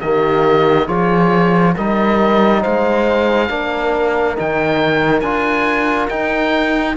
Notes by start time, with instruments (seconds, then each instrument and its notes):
0.00 cello D#3, trombone A#3, horn G4, oboe D#5
0.85 cello F3, trombone F4, horn G#4, oboe C#5
1.75 cello G3, trombone D#4, horn A#4, oboe D#5
2.61 cello G#3, horn C5, oboe F5
3.48 cello A#3, trombone D4, horn A#4
4.35 cello D#3, trombone D#4, oboe G5
5.20 cello D4, trombone F4, oboe G#5
6.09 trombone D#4, cello D#4, oboe G5